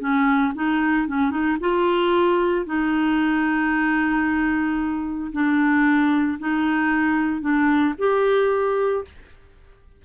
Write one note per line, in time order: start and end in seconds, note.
0.00 0.53 C#4
0.55 1.08 D#4
1.08 1.31 C#4
1.31 1.57 D#4
1.60 2.66 F4
2.66 5.31 D#4
5.32 6.38 D4
6.39 7.41 D#4
7.41 7.94 D4
7.98 9.05 G4